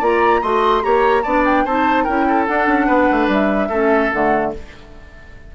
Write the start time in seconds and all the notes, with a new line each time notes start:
0.00 A#3 F4 D5 A#5
0.42 A3 F#4 D#5 C6
0.82 A#3 G4 C#5 A#5
1.23 B3 D4 D5 A5
1.46 G5
1.65 C4 D#4 C5 A5
2.05 C#4 E4 A#4 G5
2.28 A4
2.47 D4 F#5
2.67 C#4
2.87 B3 B4
3.12 A3
3.28 G3 E5
3.69 A3 C#4 A4
4.13 D3 A3 F#5